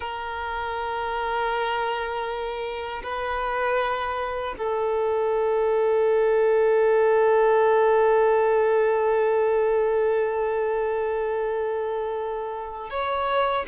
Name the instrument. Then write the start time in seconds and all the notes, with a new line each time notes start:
violin
0.00 A#4
3.03 B4
4.58 A4
12.90 C#5